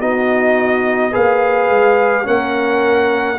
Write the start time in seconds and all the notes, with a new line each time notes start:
0.00 B3 D#4 F#4 D#5
1.12 A#3 G#4 B4 F5
1.70 G#3
2.24 A#3 C#4 A#4 F#5